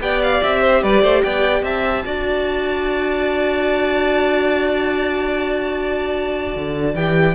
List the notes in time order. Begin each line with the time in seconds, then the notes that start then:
0.00 B3 G4 D5 G5
0.22 F5
0.43 C4 E5
0.61 C5
0.83 G3 B4 D5
1.02 A3 C5
1.23 B3 D5 G5
1.62 C4 E5 A5
2.05 D4 F#4 D5
6.55 D3
6.95 E3 G4 G5